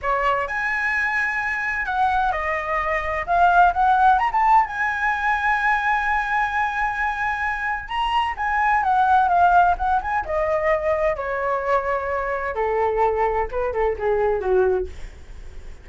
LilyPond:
\new Staff \with { instrumentName = "flute" } { \time 4/4 \tempo 4 = 129 cis''4 gis''2. | fis''4 dis''2 f''4 | fis''4 ais''16 a''8. gis''2~ | gis''1~ |
gis''4 ais''4 gis''4 fis''4 | f''4 fis''8 gis''8 dis''2 | cis''2. a'4~ | a'4 b'8 a'8 gis'4 fis'4 | }